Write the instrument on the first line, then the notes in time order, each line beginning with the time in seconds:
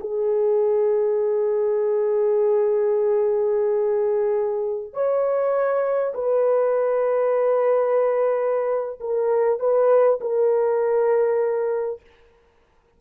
horn
0.00 G#4
4.93 C#5
6.14 B4
9.00 A#4
9.59 B4
10.20 A#4